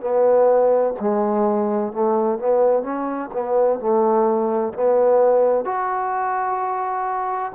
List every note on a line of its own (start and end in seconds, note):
0.00 0.94 B3
1.00 1.93 G#3
1.93 2.38 A3
2.38 2.83 B3
2.83 3.29 C#4
3.32 3.79 B3
3.79 4.73 A3
4.73 5.64 B3
5.64 7.52 F#4